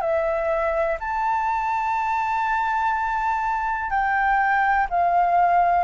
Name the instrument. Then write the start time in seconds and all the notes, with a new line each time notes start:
flute
0.00 E5
0.99 A5
3.90 G5
4.90 F5